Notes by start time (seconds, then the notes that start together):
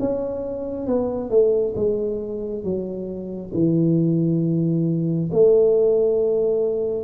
0.00 C#4
0.87 B3
1.30 A3
1.76 G#3
2.64 F#3
3.54 E3
5.32 A3